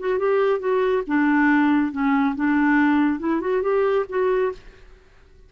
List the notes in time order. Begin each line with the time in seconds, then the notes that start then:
0.00 F#4
0.19 G4
0.60 F#4
1.07 D4
1.92 C#4
2.36 D4
3.20 E4
3.41 F#4
3.63 G4
4.09 F#4